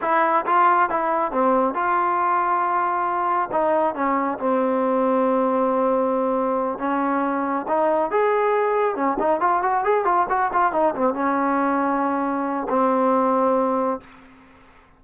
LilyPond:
\new Staff \with { instrumentName = "trombone" } { \time 4/4 \tempo 4 = 137 e'4 f'4 e'4 c'4 | f'1 | dis'4 cis'4 c'2~ | c'2.~ c'8 cis'8~ |
cis'4. dis'4 gis'4.~ | gis'8 cis'8 dis'8 f'8 fis'8 gis'8 f'8 fis'8 | f'8 dis'8 c'8 cis'2~ cis'8~ | cis'4 c'2. | }